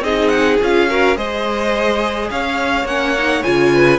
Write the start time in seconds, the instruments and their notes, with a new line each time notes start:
0.00 cello C4, viola D#4, violin G#4 D#5
0.28 violin F#5
0.62 cello C#4, viola F4, violin F5
0.89 viola F#4, violin A#4
1.15 cello G#3, viola G#4, violin C5 D#5
2.30 cello C#4, violin C#5 F5
2.84 cello A#3, viola C#4, violin F#5
3.18 viola D#4
3.43 cello C#3, viola F4, violin G#5
3.74 violin B4